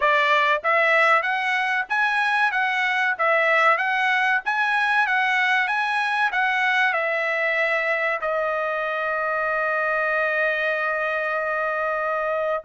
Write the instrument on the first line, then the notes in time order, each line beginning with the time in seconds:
trumpet
0.00 D5
0.63 E5
1.22 F#5
1.89 G#5
2.51 F#5
3.18 E5
3.77 F#5
4.45 G#5
5.06 F#5
5.67 G#5
6.32 F#5
6.93 E5
8.21 D#5